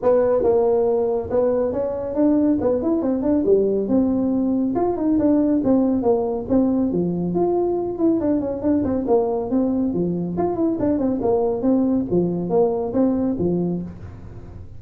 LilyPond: \new Staff \with { instrumentName = "tuba" } { \time 4/4 \tempo 4 = 139 b4 ais2 b4 | cis'4 d'4 b8 e'8 c'8 d'8 | g4 c'2 f'8 dis'8 | d'4 c'4 ais4 c'4 |
f4 f'4. e'8 d'8 cis'8 | d'8 c'8 ais4 c'4 f4 | f'8 e'8 d'8 c'8 ais4 c'4 | f4 ais4 c'4 f4 | }